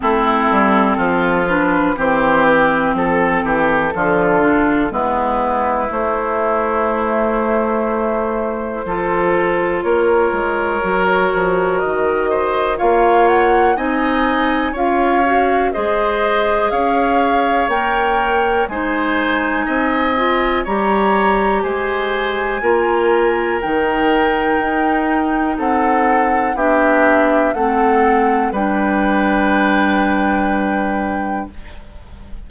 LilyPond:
<<
  \new Staff \with { instrumentName = "flute" } { \time 4/4 \tempo 4 = 61 a'4. b'8 c''8 b'8 a'4~ | a'4 b'4 c''2~ | c''2 cis''2 | dis''4 f''8 fis''8 gis''4 f''4 |
dis''4 f''4 g''4 gis''4~ | gis''4 ais''4 gis''2 | g''2 fis''4 e''4 | fis''4 g''2. | }
  \new Staff \with { instrumentName = "oboe" } { \time 4/4 e'4 f'4 g'4 a'8 g'8 | f'4 e'2.~ | e'4 a'4 ais'2~ | ais'8 c''8 cis''4 dis''4 cis''4 |
c''4 cis''2 c''4 | dis''4 cis''4 c''4 ais'4~ | ais'2 a'4 g'4 | a'4 b'2. | }
  \new Staff \with { instrumentName = "clarinet" } { \time 4/4 c'4. d'8 c'2 | f8 d'8 b4 a2~ | a4 f'2 fis'4~ | fis'4 f'4 dis'4 f'8 fis'8 |
gis'2 ais'4 dis'4~ | dis'8 f'8 g'2 f'4 | dis'2. d'4 | c'4 d'2. | }
  \new Staff \with { instrumentName = "bassoon" } { \time 4/4 a8 g8 f4 e4 f8 e8 | d4 gis4 a2~ | a4 f4 ais8 gis8 fis8 f8 | dis4 ais4 c'4 cis'4 |
gis4 cis'4 ais4 gis4 | c'4 g4 gis4 ais4 | dis4 dis'4 c'4 b4 | a4 g2. | }
>>